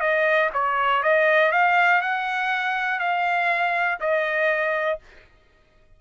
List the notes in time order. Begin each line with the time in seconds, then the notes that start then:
0.00 D#5
0.53 C#5
1.03 D#5
1.52 F5
2.01 F#5
2.99 F5
4.00 D#5